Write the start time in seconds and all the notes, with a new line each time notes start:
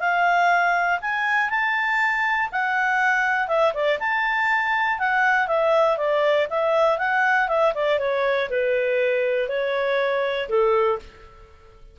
0.00 F5
1.01 G#5
1.50 A5
2.52 F#5
3.48 E5
3.74 D5
4.00 A5
5.00 F#5
5.48 E5
5.97 D5
6.50 E5
6.99 F#5
7.48 E5
7.75 D5
7.99 C#5
8.50 B4
9.49 C#5
10.49 A4